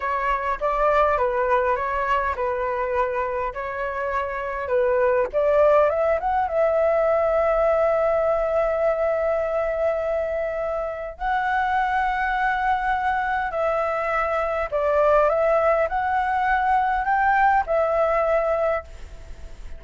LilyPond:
\new Staff \with { instrumentName = "flute" } { \time 4/4 \tempo 4 = 102 cis''4 d''4 b'4 cis''4 | b'2 cis''2 | b'4 d''4 e''8 fis''8 e''4~ | e''1~ |
e''2. fis''4~ | fis''2. e''4~ | e''4 d''4 e''4 fis''4~ | fis''4 g''4 e''2 | }